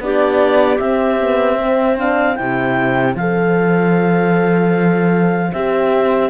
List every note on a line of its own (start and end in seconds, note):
0.00 0.79 B3
0.00 0.79 D4
0.00 1.61 G4
0.00 0.79 D5
0.79 1.19 C4
0.79 2.39 C4
0.79 1.97 E5
1.21 1.58 B3
1.58 1.98 C4
1.58 6.31 C5
1.98 2.36 D4
1.98 2.36 F5
2.36 3.15 C3
2.36 3.15 E4
2.36 3.15 G5
3.15 5.52 F3
3.15 5.54 A4
3.15 5.53 F5
5.53 6.31 C4
5.53 6.31 G4
5.53 6.31 E5